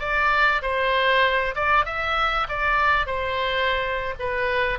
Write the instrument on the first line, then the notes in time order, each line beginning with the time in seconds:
oboe
0.00 D5
0.62 C5
1.55 D5
1.85 E5
2.49 D5
3.06 C5
4.19 B4